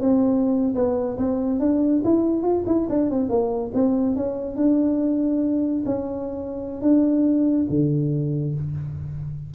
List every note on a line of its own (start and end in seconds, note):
0.00 0.74 C4
0.75 1.17 B3
1.18 1.60 C4
1.60 2.02 D4
2.05 2.43 E4
2.43 2.64 F4
2.66 2.88 E4
2.89 3.10 D4
3.10 3.29 C4
3.29 3.72 A#3
3.74 4.16 C4
4.16 4.56 C#4
4.56 5.84 D4
5.86 6.82 C#4
6.82 7.67 D4
7.70 8.55 D3